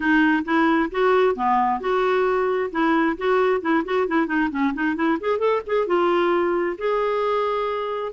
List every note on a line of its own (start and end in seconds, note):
0.00 0.43 D#4
0.44 0.90 E4
0.91 1.35 F#4
1.35 1.80 B3
1.80 2.70 F#4
2.71 3.16 E4
3.17 3.61 F#4
3.61 3.83 E4
3.85 4.07 F#4
4.07 4.27 E4
4.27 4.49 D#4
4.51 4.73 C#4
4.73 4.95 D#4
4.95 5.18 E4
5.20 5.38 G#4
5.38 5.61 A4
5.66 5.86 G#4
5.86 6.77 F4
6.78 8.12 G#4